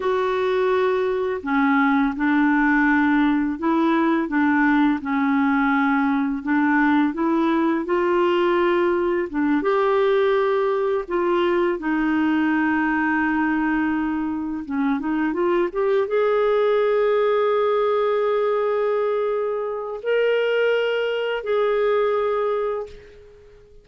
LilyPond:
\new Staff \with { instrumentName = "clarinet" } { \time 4/4 \tempo 4 = 84 fis'2 cis'4 d'4~ | d'4 e'4 d'4 cis'4~ | cis'4 d'4 e'4 f'4~ | f'4 d'8 g'2 f'8~ |
f'8 dis'2.~ dis'8~ | dis'8 cis'8 dis'8 f'8 g'8 gis'4.~ | gis'1 | ais'2 gis'2 | }